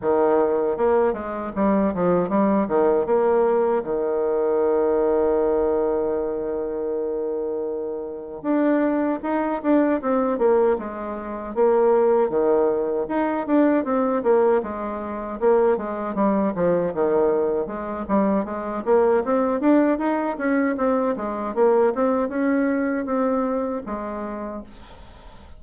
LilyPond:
\new Staff \with { instrumentName = "bassoon" } { \time 4/4 \tempo 4 = 78 dis4 ais8 gis8 g8 f8 g8 dis8 | ais4 dis2.~ | dis2. d'4 | dis'8 d'8 c'8 ais8 gis4 ais4 |
dis4 dis'8 d'8 c'8 ais8 gis4 | ais8 gis8 g8 f8 dis4 gis8 g8 | gis8 ais8 c'8 d'8 dis'8 cis'8 c'8 gis8 | ais8 c'8 cis'4 c'4 gis4 | }